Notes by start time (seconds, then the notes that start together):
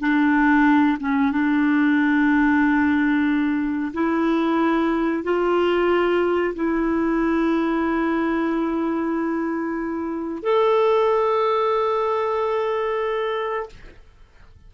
0.00 D4
1.00 C#4
1.32 D4
3.94 E4
5.24 F4
6.55 E4
10.43 A4